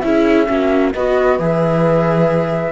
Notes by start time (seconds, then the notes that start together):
0.00 C#4 E4 G#4 E5
0.46 A#3 C#4 F#4
0.93 B3 F#4 B4 D#5
1.39 E3 G#4 E5